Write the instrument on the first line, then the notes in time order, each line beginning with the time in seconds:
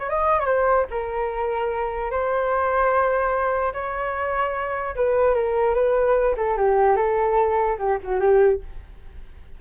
flute
0.00 C#5
0.10 D#5
0.40 C5 C#5
0.91 A#4
2.11 C5
3.74 C#5
4.96 B4
5.35 A#4
5.75 B4
6.37 A4
6.58 G4
6.97 A4
7.79 G4
8.04 F#4
8.21 G4